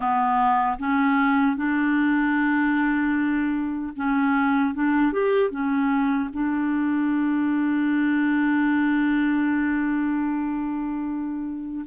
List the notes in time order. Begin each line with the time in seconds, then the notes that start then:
0.00 B3
0.79 C#4
1.56 D4
3.96 C#4
4.74 D4
5.12 G4
5.50 C#4
6.32 D4